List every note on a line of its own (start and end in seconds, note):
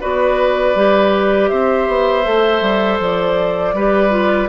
0.00 0.75 B3
0.00 0.75 F#4
0.00 1.49 B4
0.00 1.48 D5
0.75 1.50 G3
0.75 2.24 G4
1.48 1.87 C4
1.48 3.74 C5
1.48 2.98 E5
1.87 2.25 B3
2.24 2.61 A3
2.24 3.74 A4
2.61 2.98 G3
2.99 3.73 F3
2.99 4.48 D5
3.73 4.48 G3
3.73 4.10 G4
3.73 4.48 B4
4.10 4.47 F4